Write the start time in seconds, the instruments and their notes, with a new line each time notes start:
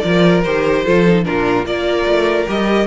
0.00 cello F3, viola F4, violin A#4 D5
0.43 cello D#3, viola G4, violin C5
0.84 cello F3, viola F4, violin A4
1.08 viola D#4
1.24 cello A#2, viola D4, violin F4 A#4
1.65 cello A#3, viola F4, violin A#4 D5
2.06 cello A3
2.47 cello G3, viola G4, violin D#5